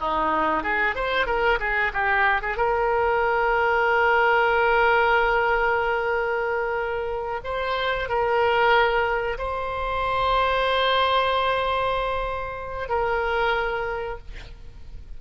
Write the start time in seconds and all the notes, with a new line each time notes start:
0.00 D#4
0.63 G#4
0.96 C5
1.27 A#4
1.60 G#4
1.93 G4
2.42 G#4
2.57 A#4
7.44 C5
8.09 A#4
9.38 C5
12.89 A#4